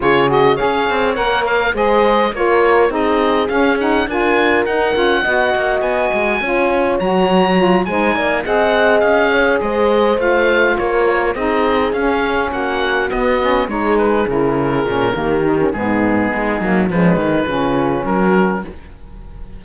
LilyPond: <<
  \new Staff \with { instrumentName = "oboe" } { \time 4/4 \tempo 4 = 103 cis''8 dis''8 f''4 fis''8 f''8 dis''4 | cis''4 dis''4 f''8 fis''8 gis''4 | fis''2 gis''2 | ais''4. gis''4 fis''4 f''8~ |
f''8 dis''4 f''4 cis''4 dis''8~ | dis''8 f''4 fis''4 dis''4 cis''8 | b'8 ais'2~ ais'8 gis'4~ | gis'4 b'2 ais'4 | }
  \new Staff \with { instrumentName = "horn" } { \time 4/4 gis'4 cis''2 c''4 | ais'4 gis'2 ais'4~ | ais'4 dis''2 cis''4~ | cis''4. c''8 d''8 dis''4. |
cis''8 c''2 ais'4 gis'8~ | gis'4. fis'2 gis'8~ | gis'2 g'4 dis'4~ | dis'4 cis'8 dis'8 f'4 fis'4 | }
  \new Staff \with { instrumentName = "saxophone" } { \time 4/4 f'8 fis'8 gis'4 ais'4 gis'4 | f'4 dis'4 cis'8 dis'8 f'4 | dis'8 f'8 fis'2 f'4 | fis'4 f'8 dis'4 gis'4.~ |
gis'4. f'2 dis'8~ | dis'8 cis'2 b8 cis'8 dis'8~ | dis'8 e'4 cis'8 ais8 dis'16 cis'16 b4~ | b8 ais8 gis4 cis'2 | }
  \new Staff \with { instrumentName = "cello" } { \time 4/4 cis4 cis'8 c'8 ais4 gis4 | ais4 c'4 cis'4 d'4 | dis'8 cis'8 b8 ais8 b8 gis8 cis'4 | fis4. gis8 ais8 c'4 cis'8~ |
cis'8 gis4 a4 ais4 c'8~ | c'8 cis'4 ais4 b4 gis8~ | gis8 cis4 ais,8 dis4 gis,4 | gis8 fis8 f8 dis8 cis4 fis4 | }
>>